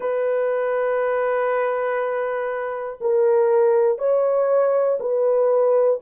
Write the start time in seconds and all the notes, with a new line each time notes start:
0.00 B4
3.00 A#4
3.98 C#5
5.00 B4